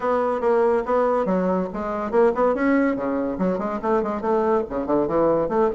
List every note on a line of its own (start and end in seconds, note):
0.00 0.41 B3
0.41 0.83 A#3
0.85 1.25 B3
1.25 1.67 F#3
1.73 2.11 G#3
2.11 2.32 A#3
2.35 2.54 B3
2.54 2.96 C#4
2.96 3.38 C#3
3.38 3.58 F#3
3.58 3.79 G#3
3.82 4.02 A3
4.02 4.21 G#3
4.21 4.63 A3
4.69 4.86 C#3
4.86 5.07 D3
5.07 5.48 E3
5.48 5.69 A3